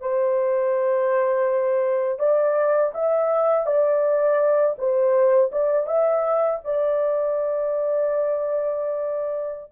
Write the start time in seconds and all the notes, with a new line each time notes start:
0.00 C5
2.19 D5
2.94 E5
3.66 D5
4.78 C5
5.51 D5
5.86 E5
6.64 D5